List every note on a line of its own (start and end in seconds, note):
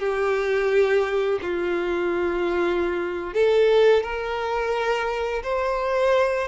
0.00 1.40 G4
1.42 3.34 F4
3.34 4.03 A4
4.03 5.43 A#4
5.44 6.48 C5